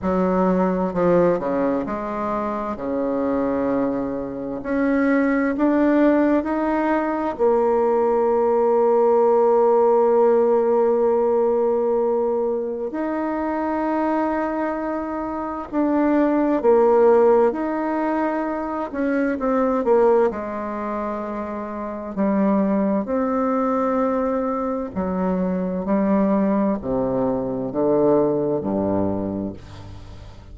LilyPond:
\new Staff \with { instrumentName = "bassoon" } { \time 4/4 \tempo 4 = 65 fis4 f8 cis8 gis4 cis4~ | cis4 cis'4 d'4 dis'4 | ais1~ | ais2 dis'2~ |
dis'4 d'4 ais4 dis'4~ | dis'8 cis'8 c'8 ais8 gis2 | g4 c'2 fis4 | g4 c4 d4 g,4 | }